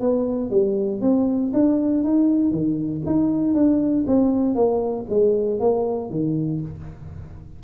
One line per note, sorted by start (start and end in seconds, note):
0.00 0.50 B3
0.50 1.01 G3
1.01 1.52 C4
1.53 2.04 D4
2.04 2.51 D#4
2.51 3.02 D#3
3.06 3.54 D#4
3.54 4.05 D4
4.07 4.55 C4
4.55 5.06 A#3
5.09 5.60 G#3
5.60 6.10 A#3
6.10 6.61 D#3